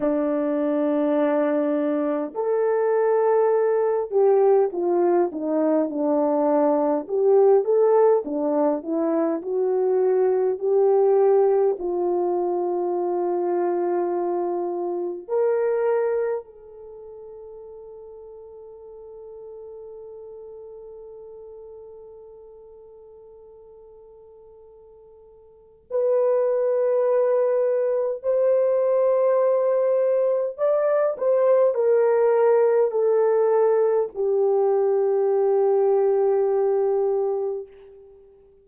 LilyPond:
\new Staff \with { instrumentName = "horn" } { \time 4/4 \tempo 4 = 51 d'2 a'4. g'8 | f'8 dis'8 d'4 g'8 a'8 d'8 e'8 | fis'4 g'4 f'2~ | f'4 ais'4 a'2~ |
a'1~ | a'2 b'2 | c''2 d''8 c''8 ais'4 | a'4 g'2. | }